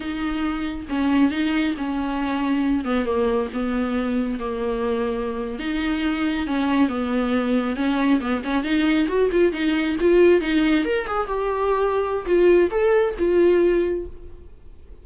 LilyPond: \new Staff \with { instrumentName = "viola" } { \time 4/4 \tempo 4 = 137 dis'2 cis'4 dis'4 | cis'2~ cis'8 b8 ais4 | b2 ais2~ | ais8. dis'2 cis'4 b16~ |
b4.~ b16 cis'4 b8 cis'8 dis'16~ | dis'8. fis'8 f'8 dis'4 f'4 dis'16~ | dis'8. ais'8 gis'8 g'2~ g'16 | f'4 a'4 f'2 | }